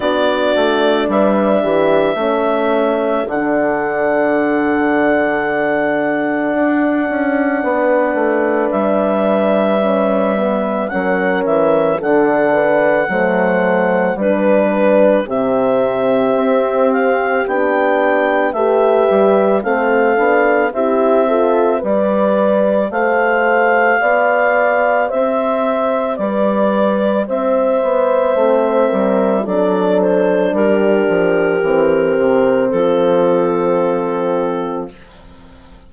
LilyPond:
<<
  \new Staff \with { instrumentName = "clarinet" } { \time 4/4 \tempo 4 = 55 d''4 e''2 fis''4~ | fis''1 | e''2 fis''8 e''8 fis''4~ | fis''4 b'4 e''4. f''8 |
g''4 e''4 f''4 e''4 | d''4 f''2 e''4 | d''4 e''2 d''8 c''8 | ais'2 a'2 | }
  \new Staff \with { instrumentName = "horn" } { \time 4/4 fis'4 b'8 g'8 a'2~ | a'2. b'4~ | b'2 ais'4 a'8 b'8 | c''4 b'4 g'2~ |
g'4 b'4 a'4 g'8 a'8 | b'4 c''4 d''4 c''4 | b'4 c''4. ais'8 a'4 | g'2 f'2 | }
  \new Staff \with { instrumentName = "horn" } { \time 4/4 d'2 cis'4 d'4~ | d'1~ | d'4 cis'8 b8 cis'4 d'4 | a4 d'4 c'2 |
d'4 g'4 c'8 d'8 e'8 f'8 | g'1~ | g'2 c'4 d'4~ | d'4 c'2. | }
  \new Staff \with { instrumentName = "bassoon" } { \time 4/4 b8 a8 g8 e8 a4 d4~ | d2 d'8 cis'8 b8 a8 | g2 fis8 e8 d4 | fis4 g4 c4 c'4 |
b4 a8 g8 a8 b8 c'4 | g4 a4 b4 c'4 | g4 c'8 b8 a8 g8 fis4 | g8 f8 e8 c8 f2 | }
>>